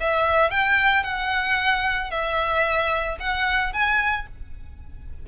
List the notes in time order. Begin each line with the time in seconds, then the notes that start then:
0.00 E5
0.51 G5
1.03 F#5
2.11 E5
3.20 F#5
3.73 G#5